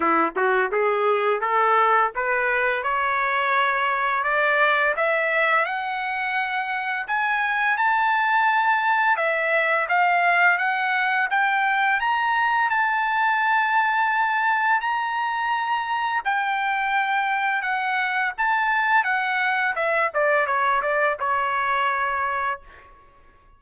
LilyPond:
\new Staff \with { instrumentName = "trumpet" } { \time 4/4 \tempo 4 = 85 e'8 fis'8 gis'4 a'4 b'4 | cis''2 d''4 e''4 | fis''2 gis''4 a''4~ | a''4 e''4 f''4 fis''4 |
g''4 ais''4 a''2~ | a''4 ais''2 g''4~ | g''4 fis''4 a''4 fis''4 | e''8 d''8 cis''8 d''8 cis''2 | }